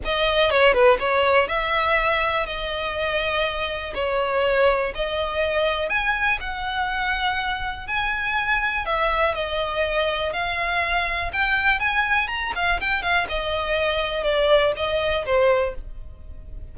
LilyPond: \new Staff \with { instrumentName = "violin" } { \time 4/4 \tempo 4 = 122 dis''4 cis''8 b'8 cis''4 e''4~ | e''4 dis''2. | cis''2 dis''2 | gis''4 fis''2. |
gis''2 e''4 dis''4~ | dis''4 f''2 g''4 | gis''4 ais''8 f''8 g''8 f''8 dis''4~ | dis''4 d''4 dis''4 c''4 | }